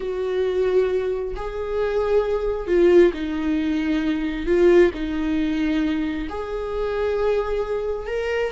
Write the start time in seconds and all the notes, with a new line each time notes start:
0.00 F#4
1.36 G#4
2.67 F4
3.13 D#4
4.46 F4
4.94 D#4
6.29 G#4
8.06 A#4